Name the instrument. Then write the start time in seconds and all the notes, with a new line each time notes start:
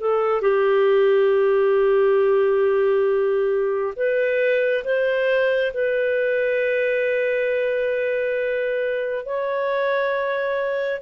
clarinet
0.00 A4
0.42 G4
3.96 B4
4.84 C5
5.74 B4
9.26 C#5